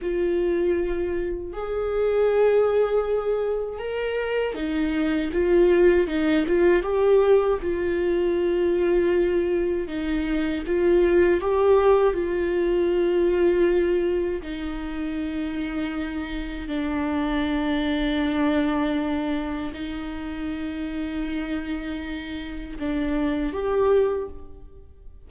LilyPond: \new Staff \with { instrumentName = "viola" } { \time 4/4 \tempo 4 = 79 f'2 gis'2~ | gis'4 ais'4 dis'4 f'4 | dis'8 f'8 g'4 f'2~ | f'4 dis'4 f'4 g'4 |
f'2. dis'4~ | dis'2 d'2~ | d'2 dis'2~ | dis'2 d'4 g'4 | }